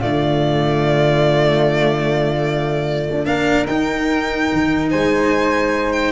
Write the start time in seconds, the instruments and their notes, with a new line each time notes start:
0.00 tuba D3, cello A3, flute F4, violin D5
3.11 tuba D4
3.25 tuba A#3, cello D4, flute A#4, violin F5
3.66 tuba D#4, cello D#4, violin G5
4.53 tuba D#3
4.91 tuba G#3, flute C5, violin G#5
5.92 violin G5